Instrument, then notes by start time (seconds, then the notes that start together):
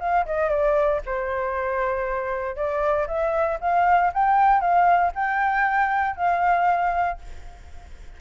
flute
0.00 F5
0.26 D#5
0.50 D5
1.06 C5
2.56 D5
3.08 E5
3.61 F5
4.14 G5
4.61 F5
5.15 G5
6.17 F5